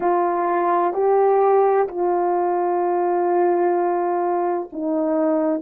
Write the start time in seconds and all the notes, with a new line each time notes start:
0.00 F4
0.93 G4
1.87 F4
4.72 D#4